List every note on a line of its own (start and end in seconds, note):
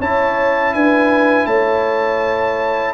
0.00 0.74 C#4
0.00 2.94 E4
0.00 0.74 C#5
0.00 0.74 A5
0.74 1.46 D4
0.74 1.47 B4
0.74 1.46 G#5
1.46 2.94 A3
1.46 2.94 C#5
1.46 2.94 A5